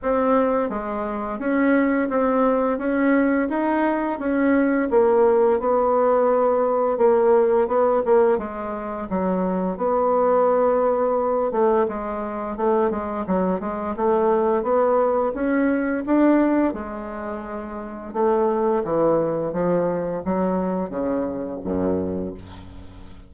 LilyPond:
\new Staff \with { instrumentName = "bassoon" } { \time 4/4 \tempo 4 = 86 c'4 gis4 cis'4 c'4 | cis'4 dis'4 cis'4 ais4 | b2 ais4 b8 ais8 | gis4 fis4 b2~ |
b8 a8 gis4 a8 gis8 fis8 gis8 | a4 b4 cis'4 d'4 | gis2 a4 e4 | f4 fis4 cis4 fis,4 | }